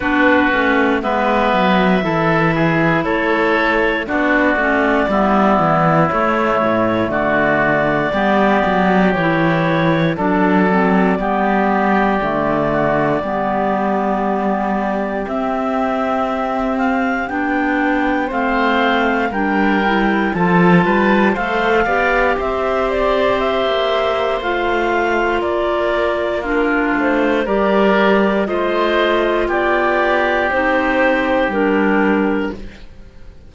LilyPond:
<<
  \new Staff \with { instrumentName = "clarinet" } { \time 4/4 \tempo 4 = 59 b'4 e''2 cis''4 | d''2 cis''4 d''4~ | d''4 cis''4 d''2~ | d''2. e''4~ |
e''8 f''8 g''4 f''4 g''4 | a''4 f''4 e''8 d''8 e''4 | f''4 d''4 ais'8 c''8 d''4 | dis''4 d''4 c''4 ais'4 | }
  \new Staff \with { instrumentName = "oboe" } { \time 4/4 fis'4 b'4 a'8 gis'8 a'4 | fis'4 e'2 fis'4 | g'2 a'4 g'4~ | g'8 fis'8 g'2.~ |
g'2 c''4 ais'4 | a'8 b'8 c''8 d''8 c''2~ | c''4 ais'4 f'4 ais'4 | c''4 g'2. | }
  \new Staff \with { instrumentName = "clarinet" } { \time 4/4 d'8 cis'8 b4 e'2 | d'8 cis'8 b4 a2 | b4 e'4 d'8 c'8 b4 | a4 b2 c'4~ |
c'4 d'4 c'4 d'8 e'8 | f'4 a'8 g'2~ g'8 | f'2 d'4 g'4 | f'2 dis'4 d'4 | }
  \new Staff \with { instrumentName = "cello" } { \time 4/4 b8 a8 gis8 fis8 e4 a4 | b8 a8 g8 e8 a8 a,8 d4 | g8 fis8 e4 fis4 g4 | d4 g2 c'4~ |
c'4 b4 a4 g4 | f8 g8 a8 b8 c'4~ c'16 ais8. | a4 ais4. a8 g4 | a4 b4 c'4 g4 | }
>>